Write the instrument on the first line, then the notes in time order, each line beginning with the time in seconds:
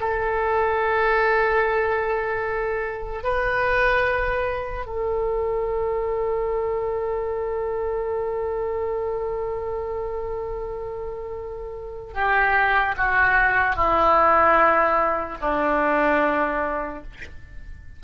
oboe
0.00 A4
3.24 B4
4.86 A4
12.14 G4
12.97 F#4
13.75 E4
15.41 D4